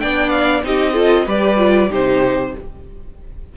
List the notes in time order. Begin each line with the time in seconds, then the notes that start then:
0.00 B3 D4 D5 G5
0.30 F5
0.64 C4 D#4 G4 D#5
0.93 F4 A4
1.27 G3 G4 B4 D5
1.58 F4
1.90 C3 D#4 G4 C5